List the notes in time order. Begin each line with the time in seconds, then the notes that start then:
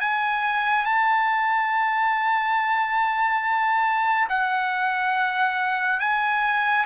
0.00 G#5
0.85 A5
4.29 F#5
6.00 G#5